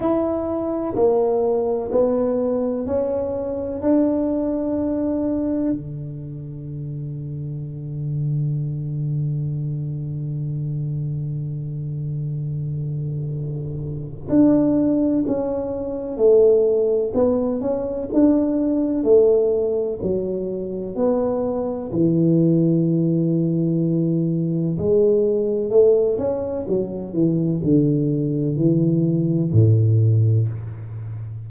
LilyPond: \new Staff \with { instrumentName = "tuba" } { \time 4/4 \tempo 4 = 63 e'4 ais4 b4 cis'4 | d'2 d2~ | d1~ | d2. d'4 |
cis'4 a4 b8 cis'8 d'4 | a4 fis4 b4 e4~ | e2 gis4 a8 cis'8 | fis8 e8 d4 e4 a,4 | }